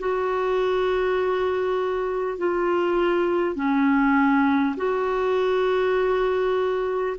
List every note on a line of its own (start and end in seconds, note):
0.00 2.38 F#4
2.38 3.56 F4
3.56 4.76 C#4
4.77 7.17 F#4